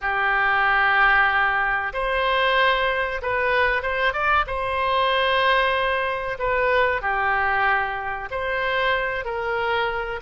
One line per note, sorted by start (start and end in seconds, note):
0.01 1.92 G4
1.93 3.21 C5
3.21 3.82 B4
3.82 4.13 C5
4.13 4.45 D5
4.46 6.38 C5
6.38 7.01 B4
7.01 8.29 G4
8.31 9.24 C5
9.24 10.20 A#4